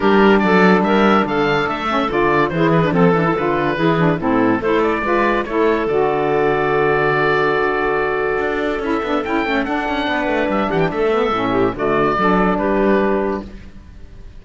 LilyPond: <<
  \new Staff \with { instrumentName = "oboe" } { \time 4/4 \tempo 4 = 143 ais'4 d''4 e''4 f''4 | e''4 d''4 c''8 b'8 a'4 | b'2 a'4 c''8 d''8~ | d''4 cis''4 d''2~ |
d''1~ | d''4 e''4 g''4 fis''4~ | fis''4 e''8 fis''16 g''16 e''2 | d''2 b'2 | }
  \new Staff \with { instrumentName = "clarinet" } { \time 4/4 g'4 a'4 ais'4 a'4~ | a'2 gis'4 a'4~ | a'4 gis'4 e'4 a'4 | b'4 a'2.~ |
a'1~ | a'1 | b'4. g'8 a'4. g'8 | fis'4 a'4 g'2 | }
  \new Staff \with { instrumentName = "saxophone" } { \time 4/4 d'1~ | d'8 cis'8 f'4 e'8. d'16 c'8 d'16 e'16 | f'4 e'8 d'8 c'4 e'4 | f'4 e'4 fis'2~ |
fis'1~ | fis'4 e'8 d'8 e'8 cis'8 d'4~ | d'2~ d'8 b8 cis'4 | a4 d'2. | }
  \new Staff \with { instrumentName = "cello" } { \time 4/4 g4 fis4 g4 d4 | a4 d4 e4 f8 e8 | d4 e4 a,4 a4 | gis4 a4 d2~ |
d1 | d'4 cis'8 b8 cis'8 a8 d'8 cis'8 | b8 a8 g8 e8 a4 a,4 | d4 fis4 g2 | }
>>